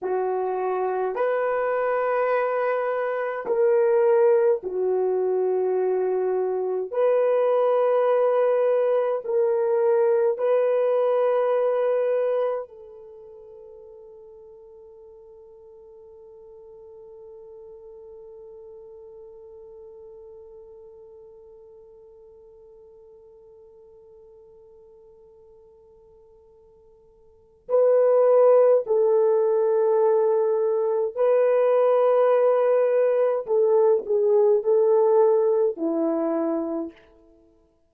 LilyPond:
\new Staff \with { instrumentName = "horn" } { \time 4/4 \tempo 4 = 52 fis'4 b'2 ais'4 | fis'2 b'2 | ais'4 b'2 a'4~ | a'1~ |
a'1~ | a'1 | b'4 a'2 b'4~ | b'4 a'8 gis'8 a'4 e'4 | }